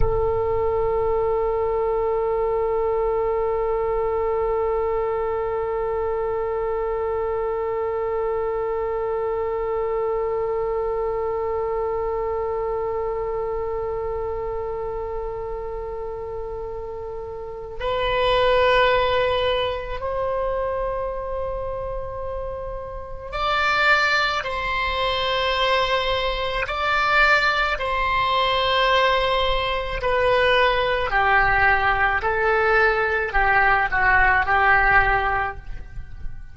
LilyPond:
\new Staff \with { instrumentName = "oboe" } { \time 4/4 \tempo 4 = 54 a'1~ | a'1~ | a'1~ | a'1 |
b'2 c''2~ | c''4 d''4 c''2 | d''4 c''2 b'4 | g'4 a'4 g'8 fis'8 g'4 | }